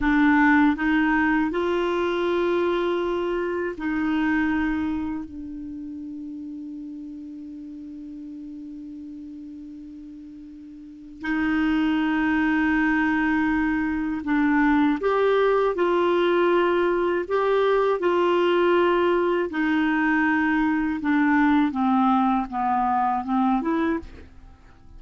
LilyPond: \new Staff \with { instrumentName = "clarinet" } { \time 4/4 \tempo 4 = 80 d'4 dis'4 f'2~ | f'4 dis'2 d'4~ | d'1~ | d'2. dis'4~ |
dis'2. d'4 | g'4 f'2 g'4 | f'2 dis'2 | d'4 c'4 b4 c'8 e'8 | }